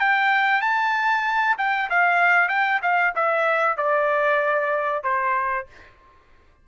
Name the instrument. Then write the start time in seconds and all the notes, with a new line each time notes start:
trumpet
0.00 G5
0.62 A5
1.58 G5
1.90 F5
2.49 G5
2.82 F5
3.16 E5
3.77 D5
5.04 C5